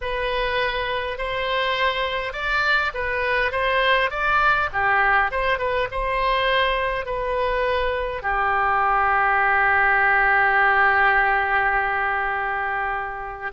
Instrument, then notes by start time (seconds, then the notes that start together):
oboe
0.01 B4
1.18 C5
2.32 D5
2.94 B4
3.51 C5
4.10 D5
4.73 G4
5.30 C5
5.58 B4
5.91 C5
7.05 B4
8.22 G4